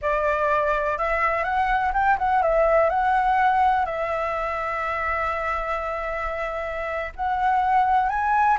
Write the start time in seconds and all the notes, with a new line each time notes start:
0.01 D5
0.98 E5
1.43 F#5
1.93 G5
2.18 F#5
2.42 E5
2.89 F#5
3.85 E5
7.15 F#5
8.09 G#5